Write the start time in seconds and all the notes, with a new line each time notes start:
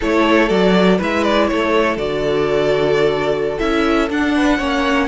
0.00 A3 E4 A4 C#5
0.48 F#3 F#4 D5
0.98 G#3 E4 B4 E5
1.23 D5
1.47 A3 A4 C#5
1.96 D3 F#4 D5
3.58 C#4 E4 E5
4.09 D4 F#5
4.35 B4
4.58 A#3 C#4 C#5